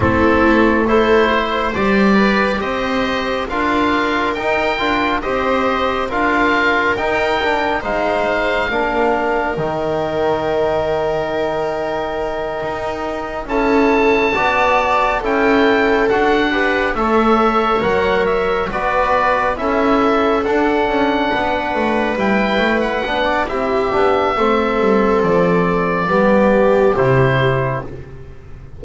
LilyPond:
<<
  \new Staff \with { instrumentName = "oboe" } { \time 4/4 \tempo 4 = 69 a'4 c''4 d''4 dis''4 | f''4 g''4 dis''4 f''4 | g''4 f''2 g''4~ | g''2.~ g''8 a''8~ |
a''4. g''4 fis''4 e''8~ | e''8 fis''8 e''8 d''4 e''4 fis''8~ | fis''4. g''8. fis''8. e''4~ | e''4 d''2 c''4 | }
  \new Staff \with { instrumentName = "viola" } { \time 4/4 e'4 a'8 c''4 b'8 c''4 | ais'2 c''4 ais'4~ | ais'4 c''4 ais'2~ | ais'2.~ ais'8 a'8~ |
a'8 d''4 a'4. b'8 cis''8~ | cis''4. b'4 a'4.~ | a'8 b'2~ b'16 d''16 g'4 | a'2 g'2 | }
  \new Staff \with { instrumentName = "trombone" } { \time 4/4 c'4 e'4 g'2 | f'4 dis'8 f'8 g'4 f'4 | dis'8 d'8 dis'4 d'4 dis'4~ | dis'2.~ dis'8 e'8~ |
e'8 fis'4 e'4 fis'8 g'8 a'8~ | a'8 ais'4 fis'4 e'4 d'8~ | d'4. e'4 d'8 e'8 d'8 | c'2 b4 e'4 | }
  \new Staff \with { instrumentName = "double bass" } { \time 4/4 a2 g4 c'4 | d'4 dis'8 d'8 c'4 d'4 | dis'4 gis4 ais4 dis4~ | dis2~ dis8 dis'4 cis'8~ |
cis'8 b4 cis'4 d'4 a8~ | a8 fis4 b4 cis'4 d'8 | cis'8 b8 a8 g8 a8 b8 c'8 b8 | a8 g8 f4 g4 c4 | }
>>